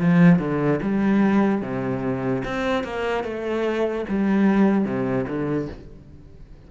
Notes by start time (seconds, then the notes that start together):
0.00 F3
0.39 D3
0.82 G3
1.61 C3
2.44 C4
2.83 A#3
3.24 A3
4.08 G3
4.84 C3
5.28 D3